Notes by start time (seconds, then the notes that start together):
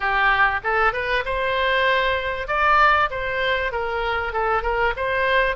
0.00 G4
0.63 A4
0.93 B4
1.25 C5
2.47 D5
3.10 C5
3.71 A#4
4.32 A4
4.62 A#4
4.96 C5